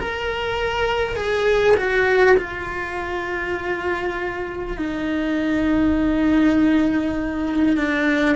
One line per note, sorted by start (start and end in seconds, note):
0.00 1.17 A#4
1.17 1.77 G#4
1.77 2.37 F#4
2.37 4.77 F4
4.78 7.77 D#4
7.77 8.36 D4